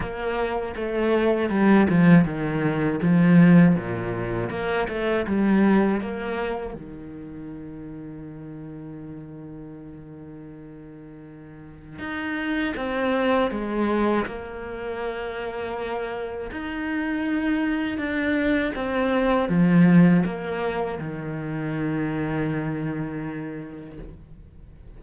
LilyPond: \new Staff \with { instrumentName = "cello" } { \time 4/4 \tempo 4 = 80 ais4 a4 g8 f8 dis4 | f4 ais,4 ais8 a8 g4 | ais4 dis2.~ | dis1 |
dis'4 c'4 gis4 ais4~ | ais2 dis'2 | d'4 c'4 f4 ais4 | dis1 | }